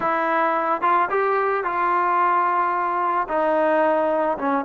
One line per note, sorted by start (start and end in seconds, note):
0.00 0.81 E4
0.81 1.08 F4
1.10 1.64 G4
1.64 3.27 F4
3.28 4.37 D#4
4.38 4.65 C#4